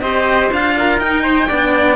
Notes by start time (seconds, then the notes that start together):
0.00 C4 G4 C5 D#5
0.51 D4 F4 F5
0.77 A#4
0.98 D#4 G5
1.23 C5
1.47 B3 D4 D5